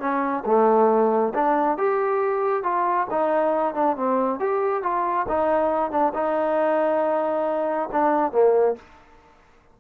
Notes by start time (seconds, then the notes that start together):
0.00 C#4
0.46 A3
1.35 D4
1.78 G4
2.64 F4
3.11 D#4
3.75 D4
3.97 C4
4.40 G4
4.83 F4
5.29 D#4
5.91 D4
6.14 D#4
7.92 D4
8.32 A#3